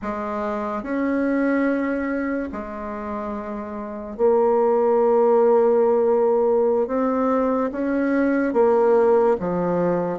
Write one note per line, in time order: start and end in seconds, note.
0.02 0.83 G#3
0.83 2.49 C#4
2.52 4.17 G#3
4.17 6.87 A#3
6.87 7.70 C4
7.72 8.53 C#4
8.53 9.36 A#3
9.39 10.19 F3